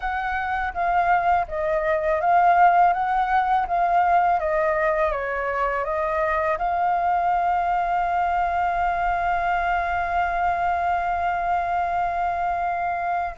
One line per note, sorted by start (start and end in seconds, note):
0.00 0.73 F#5
0.73 1.46 F5
1.48 2.21 D#5
2.21 2.93 F5
2.93 3.66 F#5
3.67 4.39 F5
4.39 5.11 D#5
5.11 5.84 C#5
5.84 6.57 D#5
6.58 13.35 F5